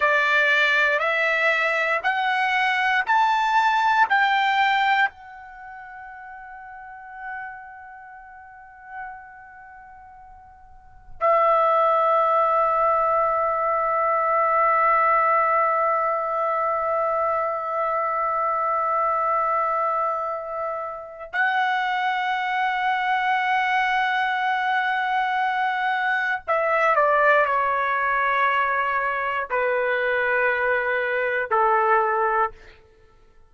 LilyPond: \new Staff \with { instrumentName = "trumpet" } { \time 4/4 \tempo 4 = 59 d''4 e''4 fis''4 a''4 | g''4 fis''2.~ | fis''2. e''4~ | e''1~ |
e''1~ | e''4 fis''2.~ | fis''2 e''8 d''8 cis''4~ | cis''4 b'2 a'4 | }